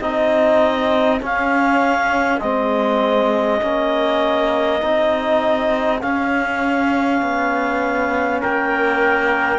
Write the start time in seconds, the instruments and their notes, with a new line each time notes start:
0.00 cello C4, trombone D#4, trumpet G#4, clarinet D#5
1.20 trombone C#4, cello C#4, clarinet F5
2.40 cello G#3, trombone C4, clarinet D#5
3.61 cello A#3, trombone C#4
4.80 cello C4, trombone D#4
6.01 trombone C#4, cello C#4, clarinet F5
7.22 cello B3
8.41 cello A#3, trumpet A#4, clarinet G5